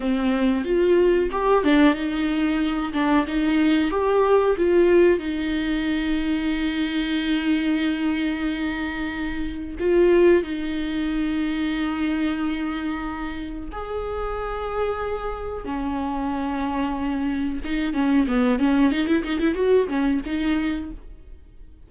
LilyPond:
\new Staff \with { instrumentName = "viola" } { \time 4/4 \tempo 4 = 92 c'4 f'4 g'8 d'8 dis'4~ | dis'8 d'8 dis'4 g'4 f'4 | dis'1~ | dis'2. f'4 |
dis'1~ | dis'4 gis'2. | cis'2. dis'8 cis'8 | b8 cis'8 dis'16 e'16 dis'16 e'16 fis'8 cis'8 dis'4 | }